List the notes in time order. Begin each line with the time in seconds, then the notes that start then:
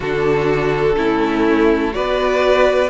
0.00 D3 D4 F#4 A4
0.96 A3 C#4 E4
1.91 B3 F#4 B4 D5